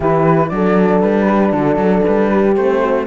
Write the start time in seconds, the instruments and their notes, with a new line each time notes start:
0.00 cello E3, horn E4 G4, flute B4
0.48 cello F#3, horn D4 A4, flute D5
1.01 cello G3, flute B4
1.27 horn G4
1.52 cello D3, horn F#4, flute A4
1.76 cello F#3, horn A4
2.03 cello G3, flute B4
2.31 horn G4
2.55 cello A3, horn C4, flute C5
2.81 horn F#4